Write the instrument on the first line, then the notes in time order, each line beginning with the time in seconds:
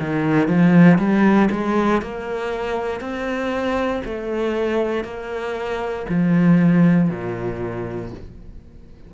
cello
0.00 D#3
0.48 F3
0.98 G3
1.51 G#3
2.02 A#3
3.00 C4
4.04 A3
5.04 A#3
6.09 F3
7.10 A#2